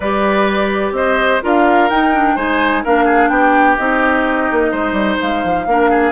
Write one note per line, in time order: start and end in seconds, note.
0.00 0.91 G3
0.00 1.42 G4
0.00 0.92 B4
0.00 0.94 D5
0.91 1.38 C4
0.91 1.43 C5
0.91 1.41 D#5
1.42 1.90 D4
1.42 1.89 F4
1.42 2.35 A#4
1.42 1.89 F5
1.89 2.36 D#4
1.89 2.14 D#4
1.89 2.36 G5
2.14 2.37 D4
2.35 2.83 G#3
2.35 2.84 D#4
2.35 2.82 C5
2.35 2.83 G#5
2.84 3.29 A#3
2.84 3.78 D4
2.84 3.05 A#4
2.84 3.28 F5
3.05 3.28 G#4
3.28 3.76 B3
3.28 4.71 G4
3.28 3.76 G5
3.76 4.50 C4
3.76 5.67 D#4
3.76 5.18 D#5
4.51 4.72 A#3
4.71 4.92 G#3
4.71 5.65 C5
4.92 5.16 G3
5.21 5.43 G#3
5.21 6.12 F5
5.43 5.66 F3
5.66 6.12 A#3
5.66 6.12 D4
5.66 5.90 A#4
5.90 6.12 G#4